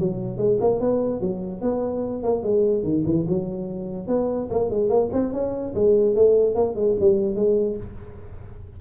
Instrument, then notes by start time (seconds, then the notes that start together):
tuba
0.00 F#3
0.38 G#3
0.61 A#3
0.81 B3
1.21 F#3
1.62 B3
2.24 A#3
2.44 G#3
2.84 D#3
3.06 E3
3.29 F#3
4.08 B3
4.51 A#3
4.71 G#3
4.90 A#3
5.13 C4
5.33 C#4
5.75 G#3
6.16 A3
6.55 A#3
6.76 G#3
7.01 G3
7.36 G#3